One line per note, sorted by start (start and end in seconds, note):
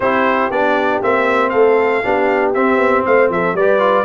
0.00 0.50 C4
0.00 0.51 E4
0.00 1.51 G4
0.00 0.51 C5
0.50 1.01 B3
0.50 1.02 D4
0.50 1.02 D5
1.02 1.53 A#3
1.02 2.03 C4
1.02 1.49 E5
1.49 2.04 A3
1.49 2.02 A4
1.49 2.51 F5
2.03 2.55 B3
2.03 2.54 D4
2.03 3.06 G4
2.53 2.77 C4
2.53 3.57 C4
2.53 3.04 E5
2.77 3.02 B3
3.05 3.29 A3
3.05 3.31 C5
3.05 3.31 F5
3.29 3.53 F3
3.29 3.56 A4
3.29 3.56 E5
3.53 4.04 G3
3.53 4.05 B4
3.53 4.05 D5
3.60 3.79 G4
3.79 4.04 F4